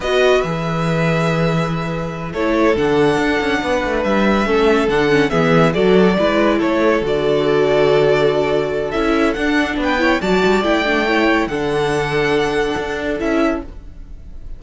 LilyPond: <<
  \new Staff \with { instrumentName = "violin" } { \time 4/4 \tempo 4 = 141 dis''4 e''2.~ | e''4. cis''4 fis''4.~ | fis''4. e''2 fis''8~ | fis''8 e''4 d''2 cis''8~ |
cis''8 d''2.~ d''8~ | d''4 e''4 fis''4 g''4 | a''4 g''2 fis''4~ | fis''2. e''4 | }
  \new Staff \with { instrumentName = "violin" } { \time 4/4 b'1~ | b'4. a'2~ a'8~ | a'8 b'2 a'4.~ | a'8 gis'4 a'4 b'4 a'8~ |
a'1~ | a'2. b'8 cis''8 | d''2 cis''4 a'4~ | a'1 | }
  \new Staff \with { instrumentName = "viola" } { \time 4/4 fis'4 gis'2.~ | gis'4. e'4 d'4.~ | d'2~ d'8 cis'4 d'8 | cis'8 b4 fis'4 e'4.~ |
e'8 fis'2.~ fis'8~ | fis'4 e'4 d'4. e'8 | fis'4 e'8 d'8 e'4 d'4~ | d'2. e'4 | }
  \new Staff \with { instrumentName = "cello" } { \time 4/4 b4 e2.~ | e4. a4 d4 d'8 | cis'8 b8 a8 g4 a4 d8~ | d8 e4 fis4 gis4 a8~ |
a8 d2.~ d8~ | d4 cis'4 d'4 b4 | fis8 g8 a2 d4~ | d2 d'4 cis'4 | }
>>